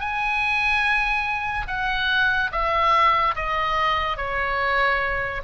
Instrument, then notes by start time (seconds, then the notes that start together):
oboe
0.00 G#5
1.67 F#5
2.52 E5
3.36 D#5
4.17 C#5